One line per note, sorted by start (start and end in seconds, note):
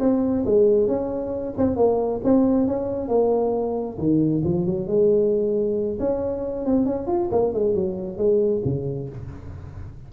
0.00 0.44 C4
0.45 0.87 G#3
0.87 1.54 C#4
1.58 1.76 C4
1.76 2.21 A#3
2.24 2.67 C4
2.67 3.08 C#4
3.08 3.97 A#3
3.98 4.42 D#3
4.44 4.66 F3
4.66 4.87 F#3
4.87 5.98 G#3
6.00 6.65 C#4
6.65 6.86 C4
6.86 7.07 C#4
7.07 7.29 F4
7.32 7.54 A#3
7.54 7.75 G#3
7.75 8.18 F#3
8.18 8.62 G#3
8.65 9.09 C#3